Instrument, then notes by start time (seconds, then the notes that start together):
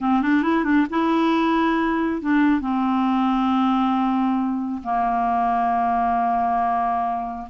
clarinet
0.01 C4
0.22 D4
0.43 E4
0.64 D4
0.89 E4
2.21 D4
2.60 C4
4.83 A#3